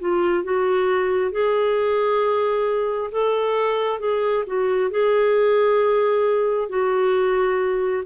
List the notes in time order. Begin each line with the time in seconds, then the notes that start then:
0.00 F4
0.44 F#4
1.31 G#4
3.11 A4
3.99 G#4
4.47 F#4
4.91 G#4
6.69 F#4